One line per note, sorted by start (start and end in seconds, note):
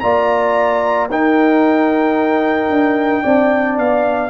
0.00 1.10 A#3
0.00 1.09 F4
0.00 1.10 D5
0.00 1.07 A#5
1.10 2.69 D#4
1.10 3.25 D#4
1.10 3.23 A#4
1.10 3.78 G5
2.69 3.23 D4
3.23 3.78 C4
3.23 4.30 D4
3.23 4.30 D5
3.78 4.30 B3
3.78 4.30 F5